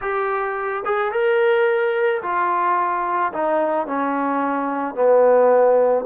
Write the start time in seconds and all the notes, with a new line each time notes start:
0.01 G4
0.85 G#4
1.12 A#4
2.22 F4
3.32 D#4
3.87 C#4
4.94 B3